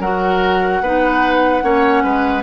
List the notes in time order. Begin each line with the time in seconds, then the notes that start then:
0.00 F#3 F#4 A#4 F#5
0.81 B3 D#4 B4
1.62 A#3 C#4 C#5
2.04 G#3 B4